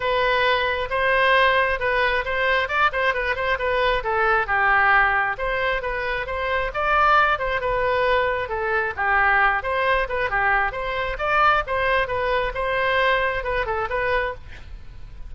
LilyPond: \new Staff \with { instrumentName = "oboe" } { \time 4/4 \tempo 4 = 134 b'2 c''2 | b'4 c''4 d''8 c''8 b'8 c''8 | b'4 a'4 g'2 | c''4 b'4 c''4 d''4~ |
d''8 c''8 b'2 a'4 | g'4. c''4 b'8 g'4 | c''4 d''4 c''4 b'4 | c''2 b'8 a'8 b'4 | }